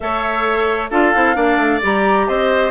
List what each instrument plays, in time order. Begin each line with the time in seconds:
0.00 bassoon A3, clarinet A4, oboe C#5, flute E5
0.90 bassoon D4, clarinet F4, oboe A4, flute F5
1.14 bassoon C4, clarinet E4
1.35 bassoon A#3, clarinet D4, oboe D5
1.57 bassoon A3
1.81 bassoon G3, clarinet G4, flute A#5
2.27 bassoon C4, oboe C5, flute D#5